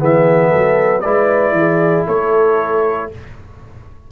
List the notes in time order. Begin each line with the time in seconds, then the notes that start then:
0.00 E3 B3 G#4 E5
0.50 F#3 A4
1.01 G#3 E4 B4 D5
1.52 E3
1.58 G#4
2.07 A3 A4 C#5